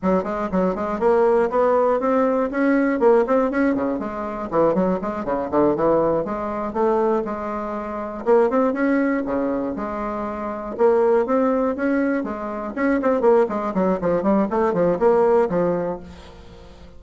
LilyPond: \new Staff \with { instrumentName = "bassoon" } { \time 4/4 \tempo 4 = 120 fis8 gis8 fis8 gis8 ais4 b4 | c'4 cis'4 ais8 c'8 cis'8 cis8 | gis4 e8 fis8 gis8 cis8 d8 e8~ | e8 gis4 a4 gis4.~ |
gis8 ais8 c'8 cis'4 cis4 gis8~ | gis4. ais4 c'4 cis'8~ | cis'8 gis4 cis'8 c'8 ais8 gis8 fis8 | f8 g8 a8 f8 ais4 f4 | }